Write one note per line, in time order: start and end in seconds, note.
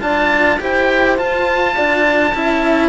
0.00 0.59 D4
0.00 0.58 F4
0.00 0.60 D5
0.00 0.59 A5
0.59 1.18 E4
0.59 1.17 G4
0.59 1.75 C5
0.59 1.18 G5
1.17 2.32 F4
1.17 1.76 F4
1.17 2.89 A5
1.75 2.34 D4
1.75 2.32 D5
2.34 2.89 C#4
2.34 2.89 E4
2.34 2.89 E5